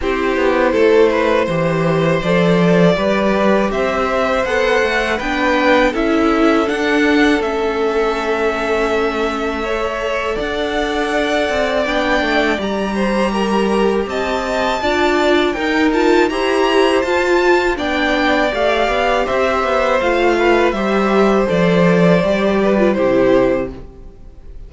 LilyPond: <<
  \new Staff \with { instrumentName = "violin" } { \time 4/4 \tempo 4 = 81 c''2. d''4~ | d''4 e''4 fis''4 g''4 | e''4 fis''4 e''2~ | e''2 fis''2 |
g''4 ais''2 a''4~ | a''4 g''8 a''8 ais''4 a''4 | g''4 f''4 e''4 f''4 | e''4 d''2 c''4 | }
  \new Staff \with { instrumentName = "violin" } { \time 4/4 g'4 a'8 b'8 c''2 | b'4 c''2 b'4 | a'1~ | a'4 cis''4 d''2~ |
d''4. c''8 ais'4 dis''4 | d''4 ais'4 c''2 | d''2 c''4. b'8 | c''2~ c''8 b'8 g'4 | }
  \new Staff \with { instrumentName = "viola" } { \time 4/4 e'2 g'4 a'4 | g'2 a'4 d'4 | e'4 d'4 cis'2~ | cis'4 a'2. |
d'4 g'2. | f'4 dis'8 f'8 g'4 f'4 | d'4 g'2 f'4 | g'4 a'4 g'8. f'16 e'4 | }
  \new Staff \with { instrumentName = "cello" } { \time 4/4 c'8 b8 a4 e4 f4 | g4 c'4 b8 a8 b4 | cis'4 d'4 a2~ | a2 d'4. c'8 |
b8 a8 g2 c'4 | d'4 dis'4 e'4 f'4 | b4 a8 b8 c'8 b8 a4 | g4 f4 g4 c4 | }
>>